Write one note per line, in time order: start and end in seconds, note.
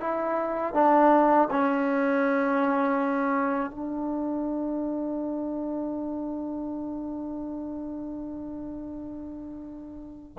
0.00 0.74 E4
0.74 1.48 D4
1.51 3.71 C#4
3.71 10.37 D4